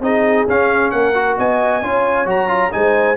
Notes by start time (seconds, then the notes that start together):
0.00 C4 D#4 G#4 D#5
0.47 C#4 F5
0.90 A#3 A#4 F#5
1.14 F#4
1.37 B3 D#5 G#5
1.81 C#4 F4 C#5
2.25 F#3 F#4 A#5
2.48 F4
2.71 G#3 D#4 C5 G#5